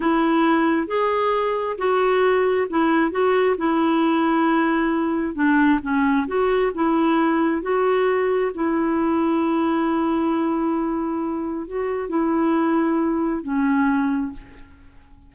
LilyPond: \new Staff \with { instrumentName = "clarinet" } { \time 4/4 \tempo 4 = 134 e'2 gis'2 | fis'2 e'4 fis'4 | e'1 | d'4 cis'4 fis'4 e'4~ |
e'4 fis'2 e'4~ | e'1~ | e'2 fis'4 e'4~ | e'2 cis'2 | }